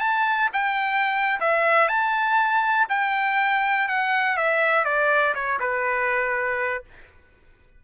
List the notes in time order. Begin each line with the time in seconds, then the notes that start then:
0.00 A5
0.53 G5
1.40 E5
1.88 A5
2.89 G5
3.88 F#5
4.37 E5
4.85 D5
5.35 C#5
5.60 B4